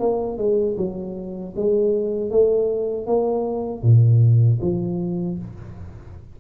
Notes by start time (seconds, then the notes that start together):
0.00 A#3
0.38 G#3
0.77 F#3
1.56 G#3
2.31 A3
3.06 A#3
3.83 A#2
4.62 F3